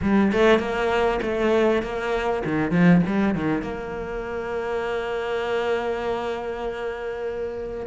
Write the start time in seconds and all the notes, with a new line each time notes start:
0.02 G3
0.32 A3
0.59 A#3
1.21 A3
1.82 A#3
2.44 D#3
2.71 F3
3.06 G3
3.34 D#3
3.62 A#3